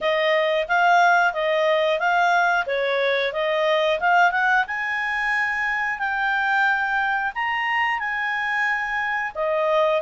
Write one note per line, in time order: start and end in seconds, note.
0.00 0.67 D#5
0.68 1.33 F5
1.33 1.98 D#5
1.98 2.65 F5
2.66 3.32 C#5
3.32 3.99 D#5
4.00 4.31 F5
4.31 4.64 F#5
4.67 5.98 G#5
5.98 7.32 G5
7.34 7.99 A#5
7.99 9.32 G#5
9.35 10.01 D#5